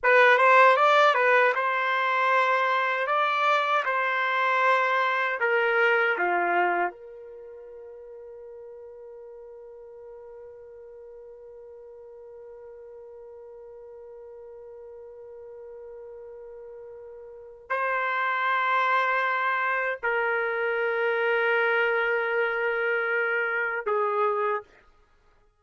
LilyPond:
\new Staff \with { instrumentName = "trumpet" } { \time 4/4 \tempo 4 = 78 b'8 c''8 d''8 b'8 c''2 | d''4 c''2 ais'4 | f'4 ais'2.~ | ais'1~ |
ais'1~ | ais'2. c''4~ | c''2 ais'2~ | ais'2. gis'4 | }